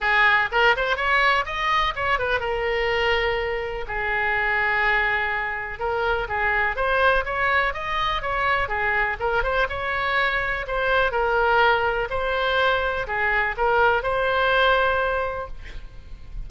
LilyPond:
\new Staff \with { instrumentName = "oboe" } { \time 4/4 \tempo 4 = 124 gis'4 ais'8 c''8 cis''4 dis''4 | cis''8 b'8 ais'2. | gis'1 | ais'4 gis'4 c''4 cis''4 |
dis''4 cis''4 gis'4 ais'8 c''8 | cis''2 c''4 ais'4~ | ais'4 c''2 gis'4 | ais'4 c''2. | }